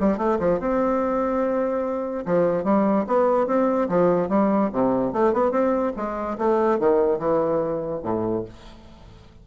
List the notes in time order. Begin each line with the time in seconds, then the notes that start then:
0.00 G3
0.18 A3
0.39 F3
0.60 C4
2.26 F3
2.64 G3
3.07 B3
3.47 C4
3.89 F3
4.29 G3
4.72 C3
5.13 A3
5.33 B3
5.51 C4
5.96 G#3
6.38 A3
6.79 D#3
7.19 E3
8.03 A2